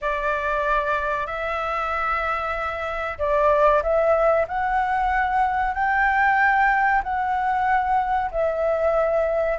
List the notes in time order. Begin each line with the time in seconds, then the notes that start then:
0.01 D5
1.26 E5
3.18 D5
3.82 E5
4.47 F#5
5.74 G5
7.03 F#5
8.31 E5